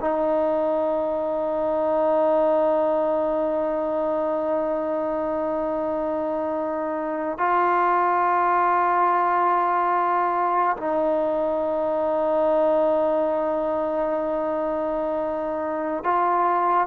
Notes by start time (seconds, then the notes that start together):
0.00 D#4
7.38 F4
10.77 D#4
16.04 F4